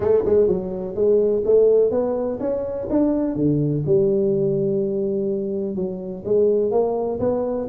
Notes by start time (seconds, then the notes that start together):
0.00 A3
0.25 G#3
0.47 F#3
0.95 G#3
1.45 A3
1.90 B3
2.40 C#4
2.90 D4
3.35 D3
3.86 G3
5.75 F#3
6.24 G#3
6.71 A#3
7.19 B3